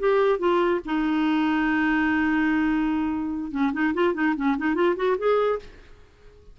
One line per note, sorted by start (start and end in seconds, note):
0.00 0.39 G4
0.39 0.81 F4
0.86 3.52 D#4
3.52 3.72 C#4
3.73 3.94 D#4
3.94 4.15 F4
4.15 4.35 D#4
4.37 4.57 C#4
4.58 4.75 D#4
4.75 4.96 F4
4.97 5.17 F#4
5.18 5.60 G#4